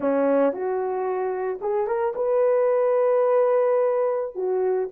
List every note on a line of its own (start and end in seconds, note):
0.00 0.52 C#4
0.52 1.59 F#4
1.61 1.87 G#4
1.87 2.13 A#4
2.15 4.35 B4
4.35 4.88 F#4